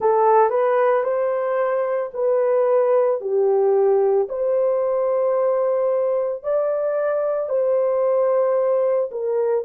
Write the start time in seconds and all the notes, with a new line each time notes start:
0.00 A4
0.50 B4
1.03 C5
2.13 B4
3.20 G4
4.29 C5
6.43 D5
7.49 C5
9.11 A#4